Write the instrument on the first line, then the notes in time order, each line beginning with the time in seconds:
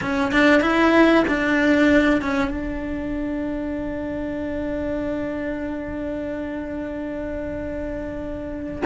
cello
0.01 C#4
0.32 D4
0.61 E4
1.27 D4
2.21 C#4
2.50 D4